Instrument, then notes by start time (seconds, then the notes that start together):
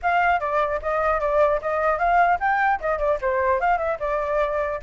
flute
0.02 F5
0.40 D5
0.82 D#5
1.20 D5
1.61 D#5
1.98 F5
2.39 G5
2.80 D#5
2.98 D5
3.21 C5
3.60 F5
3.78 E5
3.99 D5